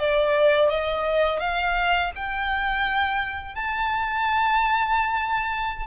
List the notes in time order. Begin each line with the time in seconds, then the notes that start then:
0.00 D5
0.70 D#5
1.41 F5
2.16 G5
3.56 A5